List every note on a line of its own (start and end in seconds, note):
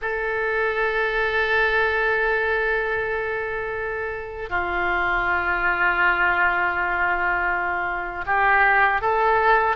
0.01 4.49 A4
4.49 8.24 F4
8.26 9.01 G4
9.01 9.76 A4